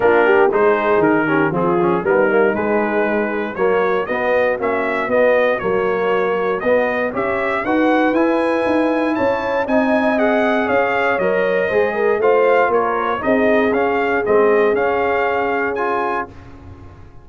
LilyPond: <<
  \new Staff \with { instrumentName = "trumpet" } { \time 4/4 \tempo 4 = 118 ais'4 c''4 ais'4 gis'4 | ais'4 b'2 cis''4 | dis''4 e''4 dis''4 cis''4~ | cis''4 dis''4 e''4 fis''4 |
gis''2 a''4 gis''4 | fis''4 f''4 dis''2 | f''4 cis''4 dis''4 f''4 | dis''4 f''2 gis''4 | }
  \new Staff \with { instrumentName = "horn" } { \time 4/4 f'8 g'8 gis'4. g'8 f'4 | dis'2. fis'4~ | fis'1~ | fis'2 cis''4 b'4~ |
b'2 cis''4 dis''4~ | dis''4 cis''2 c''8 ais'8 | c''4 ais'4 gis'2~ | gis'1 | }
  \new Staff \with { instrumentName = "trombone" } { \time 4/4 d'4 dis'4. cis'8 c'8 cis'8 | b8 ais8 gis2 ais4 | b4 cis'4 b4 ais4~ | ais4 b4 g'4 fis'4 |
e'2. dis'4 | gis'2 ais'4 gis'4 | f'2 dis'4 cis'4 | c'4 cis'2 f'4 | }
  \new Staff \with { instrumentName = "tuba" } { \time 4/4 ais4 gis4 dis4 f4 | g4 gis2 fis4 | b4 ais4 b4 fis4~ | fis4 b4 cis'4 dis'4 |
e'4 dis'4 cis'4 c'4~ | c'4 cis'4 fis4 gis4 | a4 ais4 c'4 cis'4 | gis4 cis'2. | }
>>